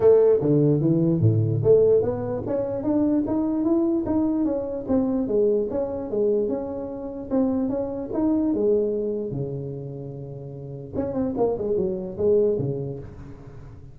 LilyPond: \new Staff \with { instrumentName = "tuba" } { \time 4/4 \tempo 4 = 148 a4 d4 e4 a,4 | a4 b4 cis'4 d'4 | dis'4 e'4 dis'4 cis'4 | c'4 gis4 cis'4 gis4 |
cis'2 c'4 cis'4 | dis'4 gis2 cis4~ | cis2. cis'8 c'8 | ais8 gis8 fis4 gis4 cis4 | }